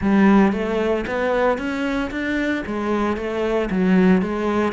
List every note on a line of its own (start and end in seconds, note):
0.01 0.52 G3
0.52 1.05 A3
1.06 1.57 B3
1.57 2.10 C#4
2.11 2.63 D4
2.66 3.16 G#3
3.16 3.69 A3
3.70 4.22 F#3
4.22 4.72 G#3